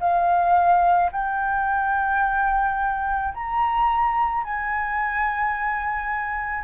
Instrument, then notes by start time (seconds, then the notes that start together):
flute
0.00 F5
1.12 G5
3.34 A#5
4.44 G#5